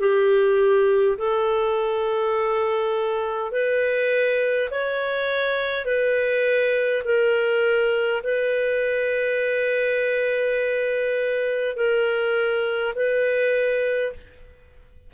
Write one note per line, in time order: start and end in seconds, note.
0.00 1.18 G4
1.18 3.52 A4
3.52 4.70 B4
4.71 5.86 C#5
5.86 7.03 B4
7.05 8.22 A#4
8.24 11.76 B4
11.76 12.94 A#4
12.95 14.13 B4